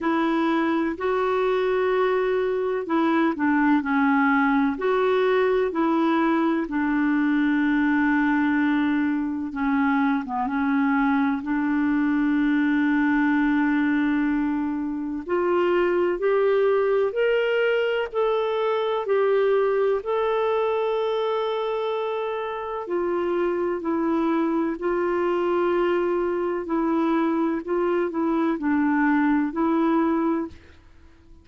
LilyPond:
\new Staff \with { instrumentName = "clarinet" } { \time 4/4 \tempo 4 = 63 e'4 fis'2 e'8 d'8 | cis'4 fis'4 e'4 d'4~ | d'2 cis'8. b16 cis'4 | d'1 |
f'4 g'4 ais'4 a'4 | g'4 a'2. | f'4 e'4 f'2 | e'4 f'8 e'8 d'4 e'4 | }